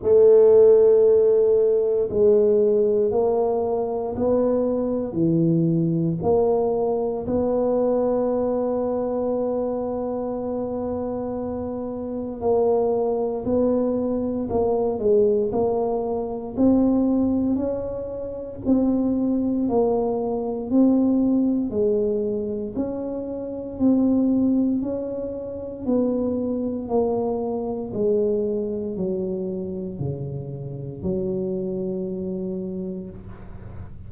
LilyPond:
\new Staff \with { instrumentName = "tuba" } { \time 4/4 \tempo 4 = 58 a2 gis4 ais4 | b4 e4 ais4 b4~ | b1 | ais4 b4 ais8 gis8 ais4 |
c'4 cis'4 c'4 ais4 | c'4 gis4 cis'4 c'4 | cis'4 b4 ais4 gis4 | fis4 cis4 fis2 | }